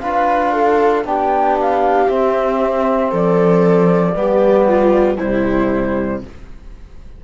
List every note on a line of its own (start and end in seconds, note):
0.00 1.04 D4
0.00 1.05 F4
0.00 0.53 B4
0.00 1.03 F5
0.53 1.05 A4
1.04 2.08 B3
1.04 2.07 D4
1.04 3.10 G4
1.04 1.58 G5
1.60 2.09 F5
2.07 4.13 C4
2.07 3.12 C4
2.07 3.12 E5
3.10 4.15 F3
3.10 4.14 A4
3.10 5.18 D5
4.13 5.18 G3
4.13 5.17 B3
4.13 4.68 G4
4.68 5.17 F4
5.17 6.24 C3
5.17 6.23 G3
5.17 6.21 E4
5.17 6.22 C5